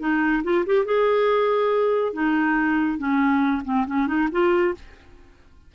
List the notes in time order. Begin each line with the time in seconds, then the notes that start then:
0.00 D#4
0.44 F4
0.66 G4
0.86 G#4
2.14 D#4
2.98 C#4
3.65 C4
3.87 C#4
4.07 D#4
4.32 F4